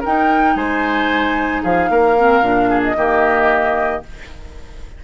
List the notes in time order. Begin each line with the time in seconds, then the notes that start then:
0.00 D#4 A#4 G5
0.55 G#3 C5 G#5
1.62 F3 G#4 F5
1.89 A#3 A#4
2.18 C4
2.41 A#2 D4
2.69 G#4
2.83 D#5
2.96 D#3 A#3 G4